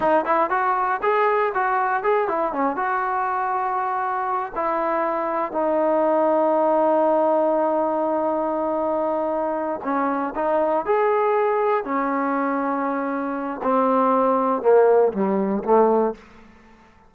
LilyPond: \new Staff \with { instrumentName = "trombone" } { \time 4/4 \tempo 4 = 119 dis'8 e'8 fis'4 gis'4 fis'4 | gis'8 e'8 cis'8 fis'2~ fis'8~ | fis'4 e'2 dis'4~ | dis'1~ |
dis'2.~ dis'8 cis'8~ | cis'8 dis'4 gis'2 cis'8~ | cis'2. c'4~ | c'4 ais4 g4 a4 | }